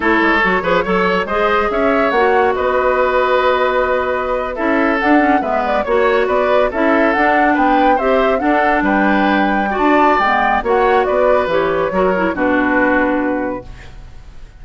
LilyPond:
<<
  \new Staff \with { instrumentName = "flute" } { \time 4/4 \tempo 4 = 141 cis''2. dis''4 | e''4 fis''4 dis''2~ | dis''2~ dis''8. e''4 fis''16~ | fis''8. e''8 d''8 cis''4 d''4 e''16~ |
e''8. fis''4 g''4 e''4 fis''16~ | fis''8. g''2~ g''16 a''4 | g''4 fis''4 d''4 cis''4~ | cis''4 b'2. | }
  \new Staff \with { instrumentName = "oboe" } { \time 4/4 a'4. b'8 cis''4 c''4 | cis''2 b'2~ | b'2~ b'8. a'4~ a'16~ | a'8. b'4 cis''4 b'4 a'16~ |
a'4.~ a'16 b'4 c''4 a'16~ | a'8. b'2 d''4~ d''16~ | d''4 cis''4 b'2 | ais'4 fis'2. | }
  \new Staff \with { instrumentName = "clarinet" } { \time 4/4 e'4 fis'8 gis'8 a'4 gis'4~ | gis'4 fis'2.~ | fis'2~ fis'8. e'4 d'16~ | d'16 cis'8 b4 fis'2 e'16~ |
e'8. d'2 g'4 d'16~ | d'2~ d'8. fis'4~ fis'16 | b4 fis'2 g'4 | fis'8 e'8 d'2. | }
  \new Staff \with { instrumentName = "bassoon" } { \time 4/4 a8 gis8 fis8 f8 fis4 gis4 | cis'4 ais4 b2~ | b2~ b8. cis'4 d'16~ | d'8. gis4 ais4 b4 cis'16~ |
cis'8. d'4 b4 c'4 d'16~ | d'8. g2~ g16 d'4 | gis4 ais4 b4 e4 | fis4 b,2. | }
>>